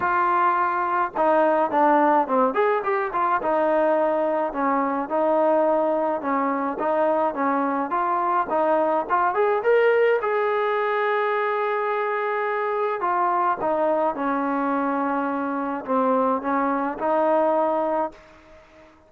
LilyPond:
\new Staff \with { instrumentName = "trombone" } { \time 4/4 \tempo 4 = 106 f'2 dis'4 d'4 | c'8 gis'8 g'8 f'8 dis'2 | cis'4 dis'2 cis'4 | dis'4 cis'4 f'4 dis'4 |
f'8 gis'8 ais'4 gis'2~ | gis'2. f'4 | dis'4 cis'2. | c'4 cis'4 dis'2 | }